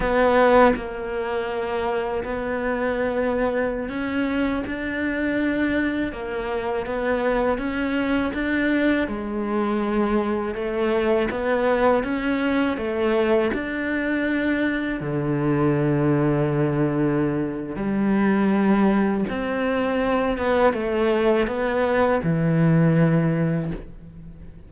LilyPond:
\new Staff \with { instrumentName = "cello" } { \time 4/4 \tempo 4 = 81 b4 ais2 b4~ | b4~ b16 cis'4 d'4.~ d'16~ | d'16 ais4 b4 cis'4 d'8.~ | d'16 gis2 a4 b8.~ |
b16 cis'4 a4 d'4.~ d'16~ | d'16 d2.~ d8. | g2 c'4. b8 | a4 b4 e2 | }